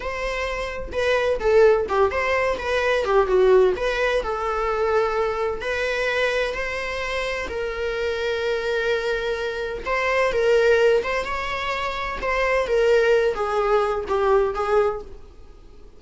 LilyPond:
\new Staff \with { instrumentName = "viola" } { \time 4/4 \tempo 4 = 128 c''2 b'4 a'4 | g'8 c''4 b'4 g'8 fis'4 | b'4 a'2. | b'2 c''2 |
ais'1~ | ais'4 c''4 ais'4. c''8 | cis''2 c''4 ais'4~ | ais'8 gis'4. g'4 gis'4 | }